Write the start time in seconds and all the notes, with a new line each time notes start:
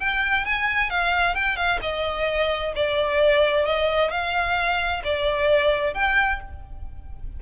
0.00 G5
0.45 G#5
0.91 F5
1.35 G5
1.57 F5
1.82 D#5
2.76 D5
3.65 D#5
4.11 F5
5.04 D5
5.94 G5